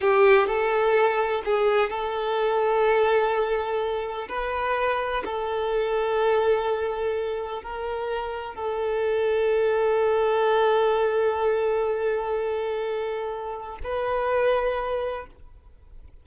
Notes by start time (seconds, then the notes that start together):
0.00 G4
0.47 A4
1.44 G#4
1.90 A4
4.28 B4
5.24 A4
7.62 A#4
8.54 A4
13.83 B4